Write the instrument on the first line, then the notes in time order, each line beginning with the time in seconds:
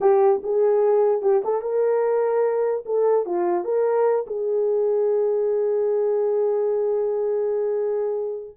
horn
0.01 G4
0.43 G#4
1.22 G4
1.44 A4
1.61 A#4
2.85 A4
3.25 F4
3.64 A#4
4.27 G#4